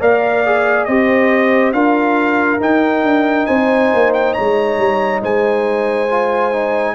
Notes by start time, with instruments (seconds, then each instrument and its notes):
0.00 tuba A#3, trombone A#4, horn D5, trumpet F5
0.46 trombone G#4
0.85 tuba C4, trombone G4, horn C5, trumpet D#5
1.72 tuba D4, trombone F4, horn A#4, trumpet F5
2.60 tuba D#4, trombone D#4, trumpet G5
3.03 tuba D4
3.46 tuba C4, horn C5, trumpet G#5
3.93 tuba A#3
4.14 trumpet G5
4.33 tuba G#3, horn C#5, trumpet A#5
4.78 tuba G3
5.21 tuba G#3, horn C5, trumpet G#5
6.10 trombone F4
6.52 trombone D#4